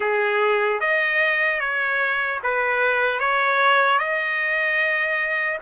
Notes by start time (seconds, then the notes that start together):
0.00 G#4
0.80 D#5
1.60 C#5
2.43 B4
3.19 C#5
3.98 D#5